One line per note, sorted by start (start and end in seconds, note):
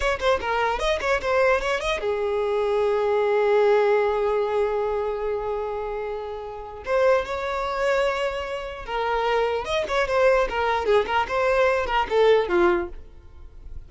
0.00 0.19 C#5
0.19 0.39 C5
0.40 0.79 A#4
0.79 0.99 D#5
1.00 1.20 C#5
1.21 1.60 C5
1.60 1.80 C#5
1.80 2.00 D#5
2.00 6.83 G#4
6.85 7.25 C5
7.25 8.85 C#5
8.85 9.64 A#4
9.64 9.85 D#5
9.88 10.07 C#5
10.07 10.48 C5
10.49 10.85 A#4
10.85 11.05 G#4
11.06 11.26 A#4
11.28 11.86 C5
11.86 12.06 A#4
12.09 12.48 A4
12.48 12.88 F4